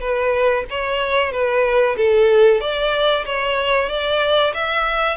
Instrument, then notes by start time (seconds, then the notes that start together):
violin
0.00 B4
0.70 C#5
1.32 B4
1.97 A4
2.60 D5
3.26 C#5
3.89 D5
4.54 E5